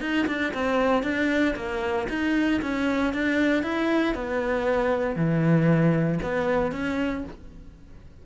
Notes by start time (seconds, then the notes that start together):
0.00 D#4
0.27 D4
0.53 C4
1.03 D4
1.55 A#3
2.09 D#4
2.61 C#4
3.13 D4
3.63 E4
4.14 B3
5.15 E3
6.22 B3
6.71 C#4